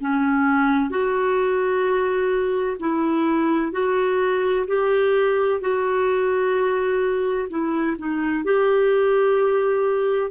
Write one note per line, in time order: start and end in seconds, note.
0.00 0.89 C#4
0.89 2.77 F#4
2.79 3.72 E4
3.72 4.65 F#4
4.67 5.61 G4
5.61 7.48 F#4
7.49 7.96 E4
7.98 8.44 D#4
8.44 10.31 G4